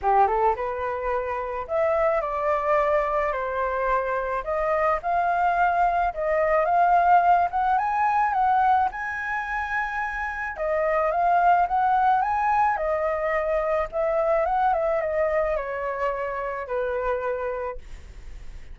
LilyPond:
\new Staff \with { instrumentName = "flute" } { \time 4/4 \tempo 4 = 108 g'8 a'8 b'2 e''4 | d''2 c''2 | dis''4 f''2 dis''4 | f''4. fis''8 gis''4 fis''4 |
gis''2. dis''4 | f''4 fis''4 gis''4 dis''4~ | dis''4 e''4 fis''8 e''8 dis''4 | cis''2 b'2 | }